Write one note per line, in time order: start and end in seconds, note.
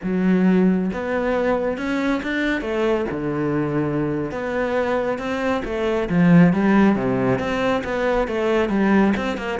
0.03 0.91 F#3
0.92 1.77 B3
1.77 2.21 C#4
2.22 2.61 D4
2.61 3.05 A3
3.10 4.31 D3
4.31 5.18 B3
5.18 5.62 C4
5.64 6.08 A3
6.09 6.53 F3
6.53 6.96 G3
6.96 7.38 C3
7.38 7.82 C4
7.84 8.27 B3
8.27 8.69 A3
8.69 9.13 G3
9.16 9.37 C4
9.37 9.59 A#3